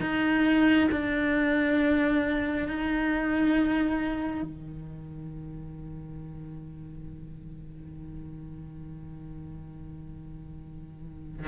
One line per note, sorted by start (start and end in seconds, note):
0.00 0.88 D#4
0.91 2.68 D4
2.68 4.42 D#4
4.42 11.48 D#3